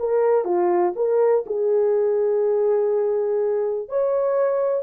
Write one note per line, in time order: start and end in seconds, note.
0.00 0.45 A#4
0.45 0.94 F4
0.96 1.45 A#4
1.47 3.89 G#4
3.89 4.84 C#5